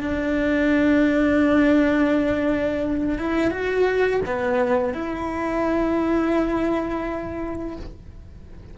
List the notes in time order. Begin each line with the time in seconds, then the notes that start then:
0.00 D4
3.18 E4
3.50 F#4
4.25 B3
4.93 E4